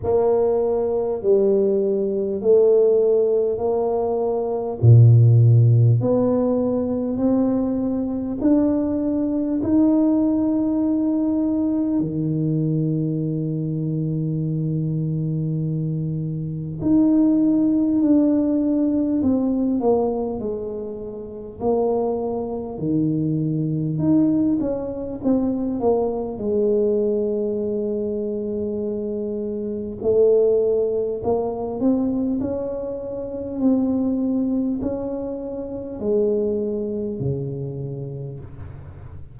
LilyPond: \new Staff \with { instrumentName = "tuba" } { \time 4/4 \tempo 4 = 50 ais4 g4 a4 ais4 | ais,4 b4 c'4 d'4 | dis'2 dis2~ | dis2 dis'4 d'4 |
c'8 ais8 gis4 ais4 dis4 | dis'8 cis'8 c'8 ais8 gis2~ | gis4 a4 ais8 c'8 cis'4 | c'4 cis'4 gis4 cis4 | }